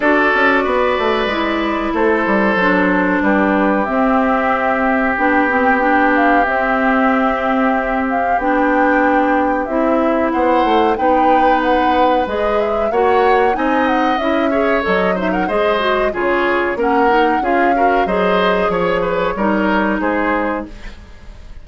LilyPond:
<<
  \new Staff \with { instrumentName = "flute" } { \time 4/4 \tempo 4 = 93 d''2. c''4~ | c''4 b'4 e''2 | g''4. f''8 e''2~ | e''8 f''8 g''2 e''4 |
fis''4 g''4 fis''4 dis''8 e''8 | fis''4 gis''8 fis''8 e''4 dis''8 e''16 fis''16 | dis''4 cis''4 fis''4 f''4 | dis''4 cis''2 c''4 | }
  \new Staff \with { instrumentName = "oboe" } { \time 4/4 a'4 b'2 a'4~ | a'4 g'2.~ | g'1~ | g'1 |
c''4 b'2. | cis''4 dis''4. cis''4 c''16 ais'16 | c''4 gis'4 ais'4 gis'8 ais'8 | c''4 cis''8 b'8 ais'4 gis'4 | }
  \new Staff \with { instrumentName = "clarinet" } { \time 4/4 fis'2 e'2 | d'2 c'2 | d'8 c'8 d'4 c'2~ | c'4 d'2 e'4~ |
e'4 dis'2 gis'4 | fis'4 dis'4 e'8 gis'8 a'8 dis'8 | gis'8 fis'8 f'4 cis'8 dis'8 f'8 fis'8 | gis'2 dis'2 | }
  \new Staff \with { instrumentName = "bassoon" } { \time 4/4 d'8 cis'8 b8 a8 gis4 a8 g8 | fis4 g4 c'2 | b2 c'2~ | c'4 b2 c'4 |
b8 a8 b2 gis4 | ais4 c'4 cis'4 fis4 | gis4 cis4 ais4 cis'4 | fis4 f4 g4 gis4 | }
>>